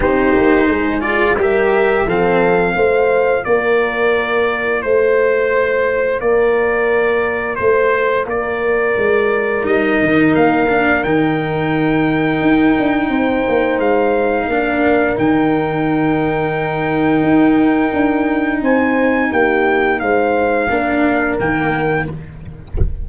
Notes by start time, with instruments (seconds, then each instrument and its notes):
0.00 tuba C4, cello D#4, horn G4, trumpet C5
0.35 tuba A#3
0.68 tuba G#3, horn G#4
1.00 cello F4, trumpet D5
1.35 tuba G3, cello G4, horn A#4
1.42 trumpet E5
2.05 tuba F3, cello C4, horn A4, trumpet F5
2.74 tuba A3, cello F4, horn C5
3.44 tuba A#3, horn A#4, trumpet D5
4.82 tuba A3, trumpet C5, horn C5
6.20 tuba A#3, horn A#4, trumpet D5
7.55 tuba A3, trumpet C5, horn C5
8.25 tuba A#3, horn A#4, trumpet D5
8.97 tuba G#3
9.63 tuba G3, cello D#4, trumpet D#5
10.02 tuba D#3
10.34 tuba A#3, trumpet F5
10.68 cello D4
11.03 tuba D#3, cello D#4, trumpet G5
12.41 tuba D#4
12.79 tuba D4
13.08 tuba C4, horn C5
13.48 tuba A#3
13.79 tuba G#3, trumpet F5
14.47 tuba A#3, cello D4, horn A#4
15.15 tuba D#3, cello D#4, trumpet G5
17.22 tuba D#4
17.93 tuba D4
18.61 tuba C4, horn C5, trumpet G#5
19.31 tuba A#3, horn G4, trumpet G5
19.99 tuba G#3, horn C5, trumpet F5
20.69 tuba A#3, cello D4, horn A#4
21.38 tuba D#3, cello A#3, trumpet G5